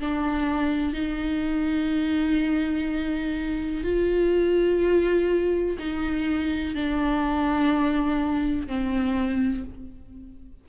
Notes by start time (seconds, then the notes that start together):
0.00 D4
0.94 D#4
3.84 F4
5.79 D#4
6.75 D4
8.68 C4